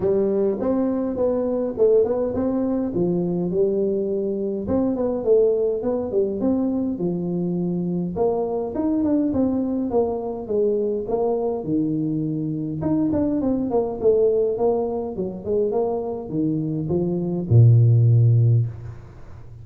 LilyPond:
\new Staff \with { instrumentName = "tuba" } { \time 4/4 \tempo 4 = 103 g4 c'4 b4 a8 b8 | c'4 f4 g2 | c'8 b8 a4 b8 g8 c'4 | f2 ais4 dis'8 d'8 |
c'4 ais4 gis4 ais4 | dis2 dis'8 d'8 c'8 ais8 | a4 ais4 fis8 gis8 ais4 | dis4 f4 ais,2 | }